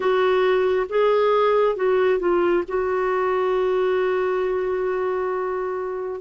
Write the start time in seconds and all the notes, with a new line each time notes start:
0.00 F#4
0.89 G#4
1.76 F#4
2.19 F4
2.68 F#4